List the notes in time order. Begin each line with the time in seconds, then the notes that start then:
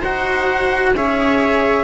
0.00 D#4 F#4 C5 F#5
0.93 C#4 G#4 C#5 E5